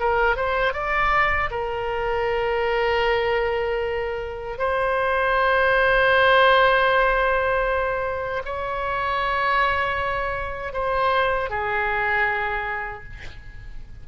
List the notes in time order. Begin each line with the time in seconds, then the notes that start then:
0.00 A#4
0.36 C5
0.73 D5
1.51 A#4
4.58 C5
8.45 C#5
10.73 C5
11.50 G#4